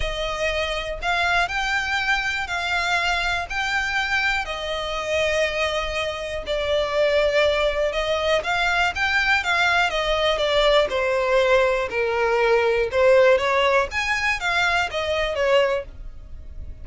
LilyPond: \new Staff \with { instrumentName = "violin" } { \time 4/4 \tempo 4 = 121 dis''2 f''4 g''4~ | g''4 f''2 g''4~ | g''4 dis''2.~ | dis''4 d''2. |
dis''4 f''4 g''4 f''4 | dis''4 d''4 c''2 | ais'2 c''4 cis''4 | gis''4 f''4 dis''4 cis''4 | }